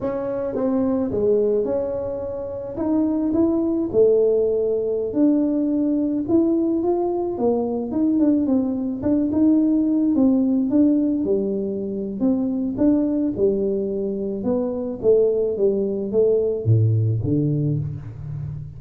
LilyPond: \new Staff \with { instrumentName = "tuba" } { \time 4/4 \tempo 4 = 108 cis'4 c'4 gis4 cis'4~ | cis'4 dis'4 e'4 a4~ | a4~ a16 d'2 e'8.~ | e'16 f'4 ais4 dis'8 d'8 c'8.~ |
c'16 d'8 dis'4. c'4 d'8.~ | d'16 g4.~ g16 c'4 d'4 | g2 b4 a4 | g4 a4 a,4 d4 | }